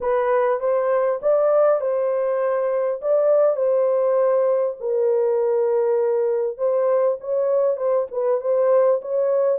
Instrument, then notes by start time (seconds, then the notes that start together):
horn
0.00 B4
0.60 C5
1.22 D5
1.80 C5
3.01 D5
3.56 C5
4.80 A#4
6.57 C5
7.20 C#5
7.76 C5
8.11 B4
8.40 C5
9.01 C#5